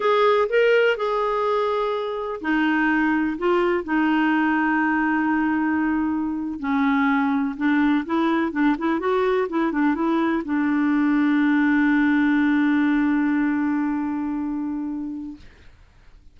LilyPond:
\new Staff \with { instrumentName = "clarinet" } { \time 4/4 \tempo 4 = 125 gis'4 ais'4 gis'2~ | gis'4 dis'2 f'4 | dis'1~ | dis'4.~ dis'16 cis'2 d'16~ |
d'8. e'4 d'8 e'8 fis'4 e'16~ | e'16 d'8 e'4 d'2~ d'16~ | d'1~ | d'1 | }